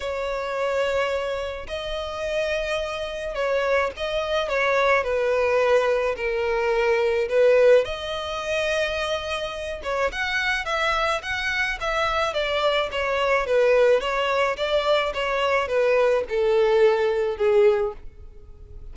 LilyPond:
\new Staff \with { instrumentName = "violin" } { \time 4/4 \tempo 4 = 107 cis''2. dis''4~ | dis''2 cis''4 dis''4 | cis''4 b'2 ais'4~ | ais'4 b'4 dis''2~ |
dis''4. cis''8 fis''4 e''4 | fis''4 e''4 d''4 cis''4 | b'4 cis''4 d''4 cis''4 | b'4 a'2 gis'4 | }